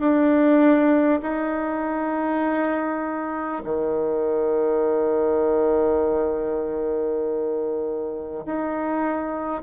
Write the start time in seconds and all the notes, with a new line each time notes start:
0.00 D4
1.22 D#4
3.64 D#3
8.45 D#4